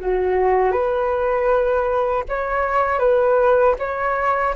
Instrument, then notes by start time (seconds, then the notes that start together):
flute
0.00 F#4
0.71 B4
2.29 C#5
2.99 B4
3.78 C#5